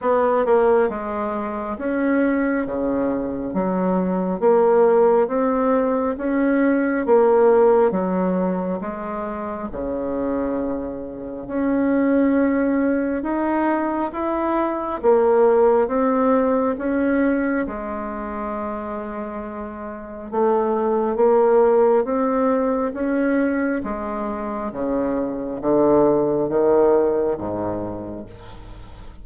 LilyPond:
\new Staff \with { instrumentName = "bassoon" } { \time 4/4 \tempo 4 = 68 b8 ais8 gis4 cis'4 cis4 | fis4 ais4 c'4 cis'4 | ais4 fis4 gis4 cis4~ | cis4 cis'2 dis'4 |
e'4 ais4 c'4 cis'4 | gis2. a4 | ais4 c'4 cis'4 gis4 | cis4 d4 dis4 gis,4 | }